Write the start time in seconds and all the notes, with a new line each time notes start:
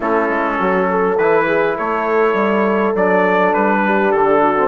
0.00 A3 C#4 E4 A4
0.29 G#3
0.59 F#3 F#4
0.90 A4
1.17 E3 E4 B4
1.46 G#4
1.76 A3 A4 C#5
2.33 G3
2.94 F#3 D4 D5
3.53 G3 B4
3.84 G4
4.11 D3 A4
4.41 F#4
4.56 C4